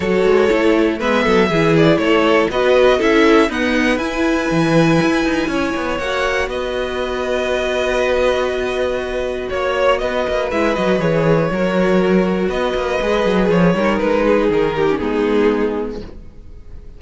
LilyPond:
<<
  \new Staff \with { instrumentName = "violin" } { \time 4/4 \tempo 4 = 120 cis''2 e''4. d''8 | cis''4 dis''4 e''4 fis''4 | gis''1 | fis''4 dis''2.~ |
dis''2. cis''4 | dis''4 e''8 dis''8 cis''2~ | cis''4 dis''2 cis''4 | b'4 ais'4 gis'2 | }
  \new Staff \with { instrumentName = "violin" } { \time 4/4 a'2 b'8 a'8 gis'4 | a'4 b'4 a'4 b'4~ | b'2. cis''4~ | cis''4 b'2.~ |
b'2. cis''4 | b'2. ais'4~ | ais'4 b'2~ b'8 ais'8~ | ais'8 gis'4 g'8 dis'2 | }
  \new Staff \with { instrumentName = "viola" } { \time 4/4 fis'4 e'4 b4 e'4~ | e'4 fis'4 e'4 b4 | e'1 | fis'1~ |
fis'1~ | fis'4 e'8 fis'8 gis'4 fis'4~ | fis'2 gis'4. dis'8~ | dis'4.~ dis'16 cis'16 b2 | }
  \new Staff \with { instrumentName = "cello" } { \time 4/4 fis8 gis8 a4 gis8 fis8 e4 | a4 b4 cis'4 dis'4 | e'4 e4 e'8 dis'8 cis'8 b8 | ais4 b2.~ |
b2. ais4 | b8 ais8 gis8 fis8 e4 fis4~ | fis4 b8 ais8 gis8 fis8 f8 g8 | gis4 dis4 gis2 | }
>>